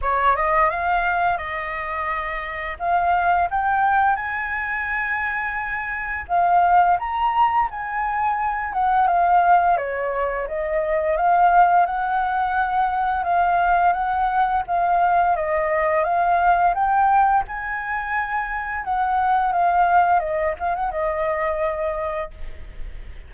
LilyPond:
\new Staff \with { instrumentName = "flute" } { \time 4/4 \tempo 4 = 86 cis''8 dis''8 f''4 dis''2 | f''4 g''4 gis''2~ | gis''4 f''4 ais''4 gis''4~ | gis''8 fis''8 f''4 cis''4 dis''4 |
f''4 fis''2 f''4 | fis''4 f''4 dis''4 f''4 | g''4 gis''2 fis''4 | f''4 dis''8 f''16 fis''16 dis''2 | }